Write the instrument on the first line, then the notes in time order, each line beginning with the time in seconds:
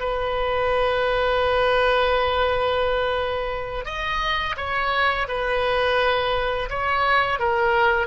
oboe
0.00 B4
3.86 D#5
4.57 C#5
5.28 B4
6.70 C#5
7.40 A#4